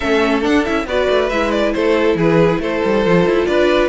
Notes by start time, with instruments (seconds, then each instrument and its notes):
0.00 cello A3, viola C#4, violin A4 E5
0.41 viola D4, cello D4, violin F#5
0.64 cello C#4, viola E4, violin E5
0.86 cello B3, viola F#4, violin B4 D5
1.09 cello A3
1.29 cello G#3, viola E4, violin E5
1.51 violin D5
1.73 cello A3, violin A4 C5
2.14 cello E3, violin G#4 B4
2.58 cello A3, violin A4 C5
2.84 cello G3
3.06 cello F3, viola F4
3.25 cello E4
3.45 cello D4, violin B4 D5